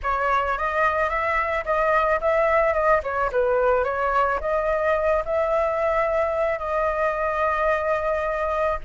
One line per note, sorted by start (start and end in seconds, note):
0.03 0.58 C#5
0.58 1.09 D#5
1.09 1.64 E5
1.65 2.20 D#5
2.20 2.73 E5
2.73 3.01 D#5
3.03 3.30 C#5
3.32 3.84 B4
3.84 4.39 C#5
4.40 5.23 D#5
5.25 6.58 E5
6.58 8.78 D#5